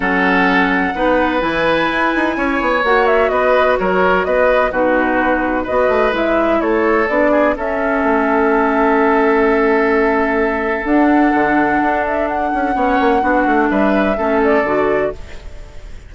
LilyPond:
<<
  \new Staff \with { instrumentName = "flute" } { \time 4/4 \tempo 4 = 127 fis''2. gis''4~ | gis''2 fis''8 e''8 dis''4 | cis''4 dis''4 b'2 | dis''4 e''4 cis''4 d''4 |
e''1~ | e''2. fis''4~ | fis''4. e''8 fis''2~ | fis''4 e''4. d''4. | }
  \new Staff \with { instrumentName = "oboe" } { \time 4/4 a'2 b'2~ | b'4 cis''2 b'4 | ais'4 b'4 fis'2 | b'2 a'4. gis'8 |
a'1~ | a'1~ | a'2. cis''4 | fis'4 b'4 a'2 | }
  \new Staff \with { instrumentName = "clarinet" } { \time 4/4 cis'2 dis'4 e'4~ | e'2 fis'2~ | fis'2 dis'2 | fis'4 e'2 d'4 |
cis'1~ | cis'2. d'4~ | d'2. cis'4 | d'2 cis'4 fis'4 | }
  \new Staff \with { instrumentName = "bassoon" } { \time 4/4 fis2 b4 e4 | e'8 dis'8 cis'8 b8 ais4 b4 | fis4 b4 b,2 | b8 a8 gis4 a4 b4 |
cis'4 a2.~ | a2. d'4 | d4 d'4. cis'8 b8 ais8 | b8 a8 g4 a4 d4 | }
>>